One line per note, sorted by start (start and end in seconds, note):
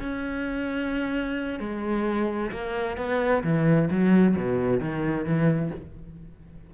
0.00 1.60 C#4
1.60 2.52 G#3
2.52 2.98 A#3
2.98 3.44 B3
3.44 3.90 E3
3.91 4.37 F#3
4.37 4.80 B2
4.80 5.25 D#3
5.25 5.71 E3